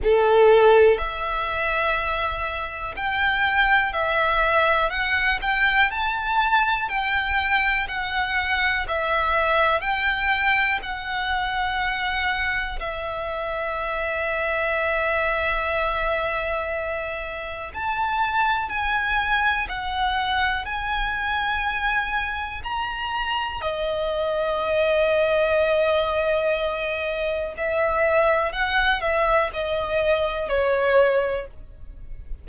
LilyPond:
\new Staff \with { instrumentName = "violin" } { \time 4/4 \tempo 4 = 61 a'4 e''2 g''4 | e''4 fis''8 g''8 a''4 g''4 | fis''4 e''4 g''4 fis''4~ | fis''4 e''2.~ |
e''2 a''4 gis''4 | fis''4 gis''2 ais''4 | dis''1 | e''4 fis''8 e''8 dis''4 cis''4 | }